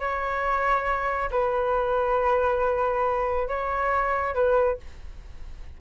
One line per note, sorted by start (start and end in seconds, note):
0.00 1.30 C#5
1.31 3.48 B4
3.48 4.35 C#5
4.35 4.78 B4